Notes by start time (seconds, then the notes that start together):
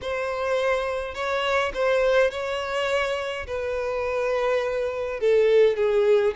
0.01 C5
1.14 C#5
1.74 C5
2.31 C#5
3.46 B4
5.19 A4
5.76 G#4